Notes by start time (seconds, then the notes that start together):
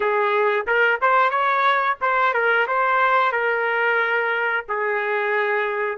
0.00 G#4
0.67 A#4
1.01 C5
1.30 C#5
2.01 C5
2.33 A#4
2.67 C5
3.32 A#4
4.68 G#4